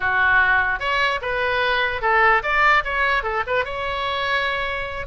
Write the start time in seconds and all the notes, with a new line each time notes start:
0.00 F#4
0.79 C#5
1.21 B4
2.01 A4
2.43 D5
2.84 C#5
3.23 A4
3.46 B4
3.64 C#5